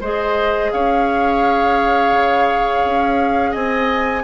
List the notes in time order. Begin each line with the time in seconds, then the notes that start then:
0.00 G#3 G#4 C5 D#5
0.71 C#4 C#5 F5
2.12 C#3
2.84 C#4
3.51 C4 D#5 G#5